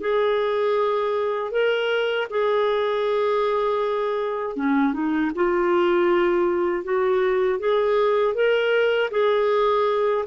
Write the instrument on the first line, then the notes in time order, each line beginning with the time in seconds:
clarinet
0.00 G#4
1.51 A#4
2.30 G#4
4.55 C#4
4.93 D#4
5.35 F4
6.84 F#4
7.59 G#4
8.34 A#4
9.10 G#4